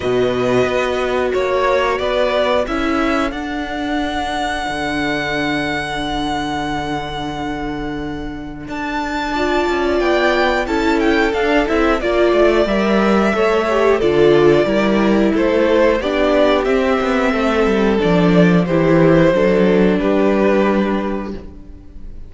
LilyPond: <<
  \new Staff \with { instrumentName = "violin" } { \time 4/4 \tempo 4 = 90 dis''2 cis''4 d''4 | e''4 fis''2.~ | fis''1~ | fis''4 a''2 g''4 |
a''8 g''8 f''8 e''8 d''4 e''4~ | e''4 d''2 c''4 | d''4 e''2 d''4 | c''2 b'2 | }
  \new Staff \with { instrumentName = "violin" } { \time 4/4 b'2 cis''4 b'4 | a'1~ | a'1~ | a'2 d''2 |
a'2 d''2 | cis''4 a'4 ais'4 a'4 | g'2 a'2 | g'4 a'4 g'2 | }
  \new Staff \with { instrumentName = "viola" } { \time 4/4 fis'1 | e'4 d'2.~ | d'1~ | d'2 f'2 |
e'4 d'8 e'8 f'4 ais'4 | a'8 g'8 f'4 e'2 | d'4 c'2 d'4 | e'4 d'2. | }
  \new Staff \with { instrumentName = "cello" } { \time 4/4 b,4 b4 ais4 b4 | cis'4 d'2 d4~ | d1~ | d4 d'4. cis'8 b4 |
cis'4 d'8 c'8 ais8 a8 g4 | a4 d4 g4 a4 | b4 c'8 b8 a8 g8 f4 | e4 fis4 g2 | }
>>